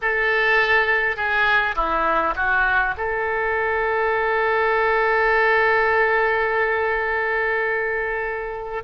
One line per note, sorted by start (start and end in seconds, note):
0.01 1.16 A4
1.16 1.75 G#4
1.75 2.34 E4
2.35 2.94 F#4
2.97 8.83 A4